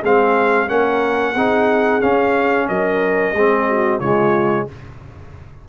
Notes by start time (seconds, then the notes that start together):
0.00 G#3 C4 G#4 F5
0.67 A#3 C#4 A#4 F#5
1.33 C4 D#4 G#4
2.01 C#4 F5
2.68 F#3 A#4 D#5
3.33 G#3 C4 G#4
3.68 F#4
3.99 C#3 G#3 F4 C#5